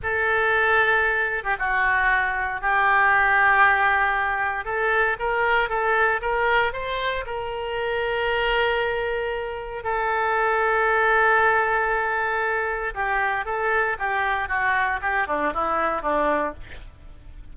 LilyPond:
\new Staff \with { instrumentName = "oboe" } { \time 4/4 \tempo 4 = 116 a'2~ a'8. g'16 fis'4~ | fis'4 g'2.~ | g'4 a'4 ais'4 a'4 | ais'4 c''4 ais'2~ |
ais'2. a'4~ | a'1~ | a'4 g'4 a'4 g'4 | fis'4 g'8 d'8 e'4 d'4 | }